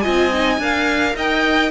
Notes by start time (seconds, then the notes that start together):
0.00 F4 D#5 G#5
0.06 C4
0.32 D#4
0.58 D4 A#4 F5
1.16 D#4 D#5 G5